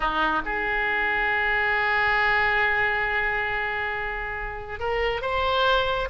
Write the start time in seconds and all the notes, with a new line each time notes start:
0.00 D#4
0.45 G#4
4.79 A#4
5.21 C5